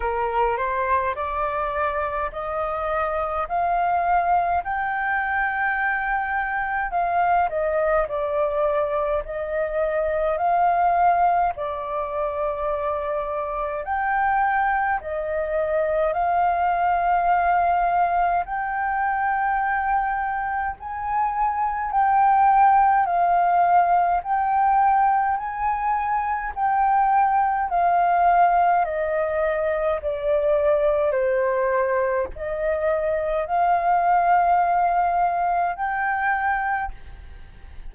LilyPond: \new Staff \with { instrumentName = "flute" } { \time 4/4 \tempo 4 = 52 ais'8 c''8 d''4 dis''4 f''4 | g''2 f''8 dis''8 d''4 | dis''4 f''4 d''2 | g''4 dis''4 f''2 |
g''2 gis''4 g''4 | f''4 g''4 gis''4 g''4 | f''4 dis''4 d''4 c''4 | dis''4 f''2 g''4 | }